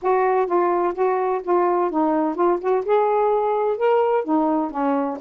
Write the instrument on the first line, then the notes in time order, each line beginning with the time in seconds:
saxophone
0.02 F#4
0.46 F4
0.94 F#4
1.43 F4
1.90 D#4
2.35 F4
2.60 F#4
2.85 G#4
3.77 A#4
4.24 D#4
4.70 C#4